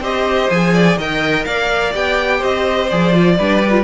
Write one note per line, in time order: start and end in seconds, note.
0.00 0.48 C4
0.00 0.51 G4
0.00 0.74 C5
0.00 0.50 D#5
0.50 0.97 F3
0.50 0.99 G#4
0.50 0.98 G#5
0.74 0.98 D5
0.97 1.45 D#3
0.97 1.93 A#4
0.97 1.46 D#5
0.97 1.45 G5
1.45 1.95 A#3
1.45 2.38 D5
1.45 1.93 F5
1.93 2.43 B3
1.93 2.89 G4
1.93 2.43 G5
2.38 2.92 C4
2.38 3.34 C5
2.38 2.89 D#5
2.89 3.40 F3
2.89 3.12 G#4
2.89 3.85 D5
3.12 3.37 F4
3.38 3.85 G3
3.38 3.63 D4
3.38 3.85 B4
3.63 3.71 G4
3.71 3.83 F4